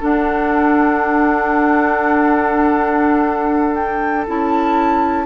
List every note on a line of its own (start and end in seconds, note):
0.00 4.25 D4
0.00 4.28 D4
0.00 5.25 A4
0.00 3.75 F#5
3.75 4.25 G5
4.27 5.26 C#4
4.27 5.26 E4
4.27 5.26 A5